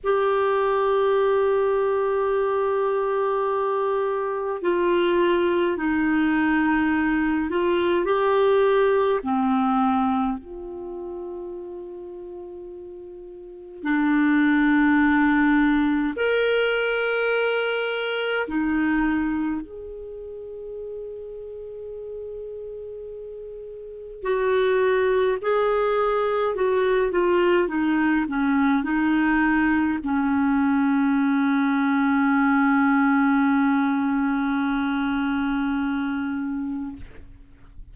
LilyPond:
\new Staff \with { instrumentName = "clarinet" } { \time 4/4 \tempo 4 = 52 g'1 | f'4 dis'4. f'8 g'4 | c'4 f'2. | d'2 ais'2 |
dis'4 gis'2.~ | gis'4 fis'4 gis'4 fis'8 f'8 | dis'8 cis'8 dis'4 cis'2~ | cis'1 | }